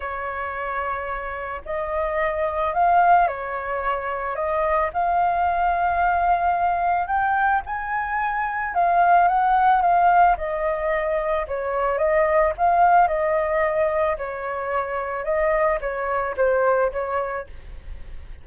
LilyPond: \new Staff \with { instrumentName = "flute" } { \time 4/4 \tempo 4 = 110 cis''2. dis''4~ | dis''4 f''4 cis''2 | dis''4 f''2.~ | f''4 g''4 gis''2 |
f''4 fis''4 f''4 dis''4~ | dis''4 cis''4 dis''4 f''4 | dis''2 cis''2 | dis''4 cis''4 c''4 cis''4 | }